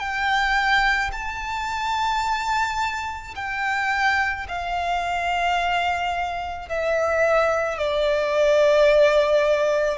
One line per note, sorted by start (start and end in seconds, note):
0.00 1.11 G5
1.13 3.35 A5
3.36 4.47 G5
4.48 6.69 F5
6.69 7.78 E5
7.78 9.98 D5